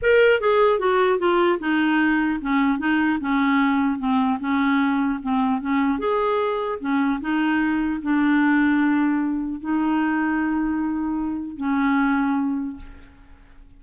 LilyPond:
\new Staff \with { instrumentName = "clarinet" } { \time 4/4 \tempo 4 = 150 ais'4 gis'4 fis'4 f'4 | dis'2 cis'4 dis'4 | cis'2 c'4 cis'4~ | cis'4 c'4 cis'4 gis'4~ |
gis'4 cis'4 dis'2 | d'1 | dis'1~ | dis'4 cis'2. | }